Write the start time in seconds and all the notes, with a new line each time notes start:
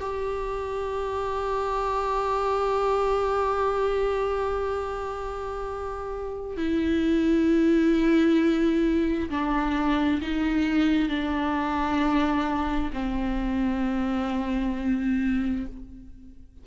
0.00 G4
6.57 E4
9.30 D4
10.21 D#4
11.09 D4
12.93 C4